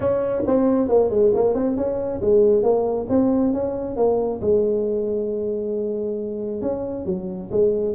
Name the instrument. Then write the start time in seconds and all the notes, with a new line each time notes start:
tuba
0.00 C#4
0.47 C4
0.88 A#3
1.10 G#3
1.34 A#3
1.54 C4
1.76 C#4
2.21 G#3
2.62 A#3
3.09 C4
3.53 C#4
3.96 A#3
4.41 G#3
6.61 C#4
7.05 F#3
7.51 G#3